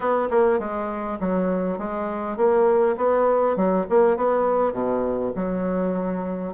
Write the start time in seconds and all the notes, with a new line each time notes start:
0.00 B3
0.30 A#3
0.59 G#3
1.19 F#3
1.78 G#3
2.36 A#3
2.96 B3
3.56 F#3
3.89 A#3
4.16 B3
4.72 B2
5.35 F#3